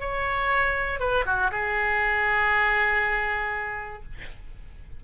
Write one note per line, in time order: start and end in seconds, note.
0.00 0.99 C#5
0.99 1.24 B4
1.25 1.51 F#4
1.51 4.03 G#4